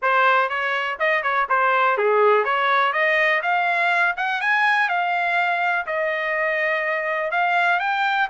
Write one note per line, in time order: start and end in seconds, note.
0.01 0.49 C5
0.49 0.98 C#5
0.99 1.22 D#5
1.22 1.47 C#5
1.49 1.97 C5
1.97 2.44 G#4
2.44 2.92 C#5
2.92 3.41 D#5
3.42 4.15 F5
4.16 4.41 F#5
4.41 4.88 G#5
4.88 5.86 F5
5.86 7.31 D#5
7.31 7.79 F5
7.79 8.28 G5